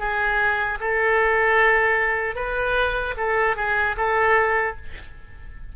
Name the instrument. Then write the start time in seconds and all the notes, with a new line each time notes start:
oboe
0.00 G#4
0.80 A4
2.36 B4
3.17 A4
3.57 G#4
3.97 A4